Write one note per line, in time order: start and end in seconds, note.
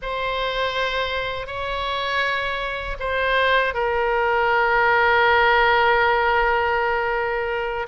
0.02 1.46 C5
1.46 2.96 C#5
2.99 3.74 C5
3.74 7.86 A#4